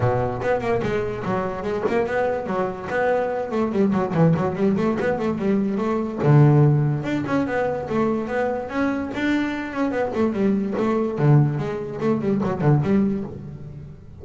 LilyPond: \new Staff \with { instrumentName = "double bass" } { \time 4/4 \tempo 4 = 145 b,4 b8 ais8 gis4 fis4 | gis8 ais8 b4 fis4 b4~ | b8 a8 g8 fis8 e8 fis8 g8 a8 | b8 a8 g4 a4 d4~ |
d4 d'8 cis'8 b4 a4 | b4 cis'4 d'4. cis'8 | b8 a8 g4 a4 d4 | gis4 a8 g8 fis8 d8 g4 | }